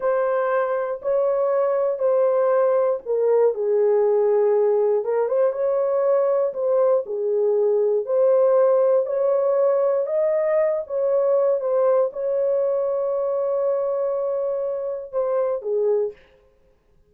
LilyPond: \new Staff \with { instrumentName = "horn" } { \time 4/4 \tempo 4 = 119 c''2 cis''2 | c''2 ais'4 gis'4~ | gis'2 ais'8 c''8 cis''4~ | cis''4 c''4 gis'2 |
c''2 cis''2 | dis''4. cis''4. c''4 | cis''1~ | cis''2 c''4 gis'4 | }